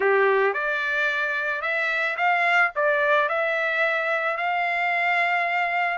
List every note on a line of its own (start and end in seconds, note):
0.00 0.53 G4
0.53 1.61 D5
1.61 2.16 E5
2.16 2.71 F5
2.75 3.28 D5
3.28 4.37 E5
4.37 5.98 F5